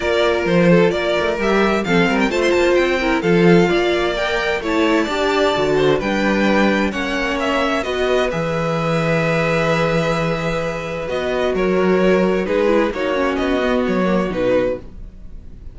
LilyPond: <<
  \new Staff \with { instrumentName = "violin" } { \time 4/4 \tempo 4 = 130 d''4 c''4 d''4 e''4 | f''8. g''16 a''16 c'''16 a''8 g''4 f''4~ | f''4 g''4 a''2~ | a''4 g''2 fis''4 |
e''4 dis''4 e''2~ | e''1 | dis''4 cis''2 b'4 | cis''4 dis''4 cis''4 b'4 | }
  \new Staff \with { instrumentName = "violin" } { \time 4/4 ais'4. a'8 ais'2 | a'8 ais'8 c''4. ais'8 a'4 | d''2 cis''4 d''4~ | d''8 c''8 b'2 cis''4~ |
cis''4 b'2.~ | b'1~ | b'4 ais'2 gis'4 | fis'1 | }
  \new Staff \with { instrumentName = "viola" } { \time 4/4 f'2. g'4 | c'4 f'4. e'8 f'4~ | f'4 ais'4 e'4 g'4 | fis'4 d'2 cis'4~ |
cis'4 fis'4 gis'2~ | gis'1 | fis'2. dis'8 e'8 | dis'8 cis'4 b4 ais8 dis'4 | }
  \new Staff \with { instrumentName = "cello" } { \time 4/4 ais4 f4 ais8 a8 g4 | f8 g8 a8 ais8 c'4 f4 | ais2 a4 d'4 | d4 g2 ais4~ |
ais4 b4 e2~ | e1 | b4 fis2 gis4 | ais4 b4 fis4 b,4 | }
>>